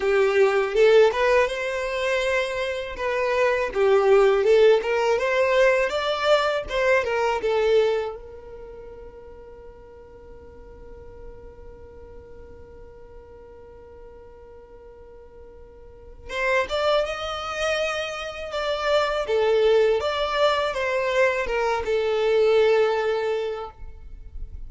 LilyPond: \new Staff \with { instrumentName = "violin" } { \time 4/4 \tempo 4 = 81 g'4 a'8 b'8 c''2 | b'4 g'4 a'8 ais'8 c''4 | d''4 c''8 ais'8 a'4 ais'4~ | ais'1~ |
ais'1~ | ais'2 c''8 d''8 dis''4~ | dis''4 d''4 a'4 d''4 | c''4 ais'8 a'2~ a'8 | }